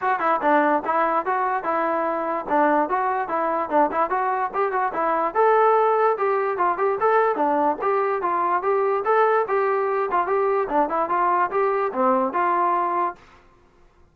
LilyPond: \new Staff \with { instrumentName = "trombone" } { \time 4/4 \tempo 4 = 146 fis'8 e'8 d'4 e'4 fis'4 | e'2 d'4 fis'4 | e'4 d'8 e'8 fis'4 g'8 fis'8 | e'4 a'2 g'4 |
f'8 g'8 a'4 d'4 g'4 | f'4 g'4 a'4 g'4~ | g'8 f'8 g'4 d'8 e'8 f'4 | g'4 c'4 f'2 | }